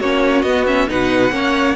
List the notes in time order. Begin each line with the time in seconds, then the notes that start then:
0.00 A#3 C#4 F#4 C#5
0.42 B3 D#5
0.66 C#4 E5
0.87 B2 D#4 B4 F#5
1.30 A#3 C#4 C#5